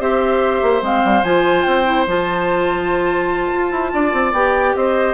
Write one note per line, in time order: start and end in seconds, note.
0.00 0.62 C4
0.00 0.82 G4
0.00 3.93 C5
0.00 0.83 E5
0.63 0.82 A#3
0.82 1.03 G#3
0.82 1.24 C4
0.82 1.24 F5
1.04 1.23 G3
1.23 1.65 F3
1.23 1.85 F4
1.23 1.64 G#5
1.64 2.06 C4
1.64 2.05 G5
1.85 2.06 E4
2.06 3.51 F3
2.06 4.35 F4
2.06 4.34 A5
3.54 3.71 F4
3.71 3.92 E4
3.94 4.13 D4
3.94 4.76 D5
4.13 4.33 C4
4.33 4.74 B3
4.33 5.14 G4
4.33 4.75 G5
4.75 5.14 C4
4.75 5.14 C5
4.75 5.14 D#5